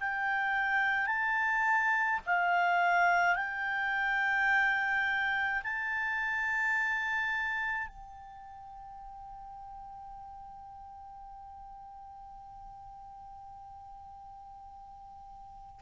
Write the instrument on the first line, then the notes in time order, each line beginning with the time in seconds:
clarinet
0.00 G5
1.07 A5
2.26 F5
3.36 G5
5.63 A5
7.88 G5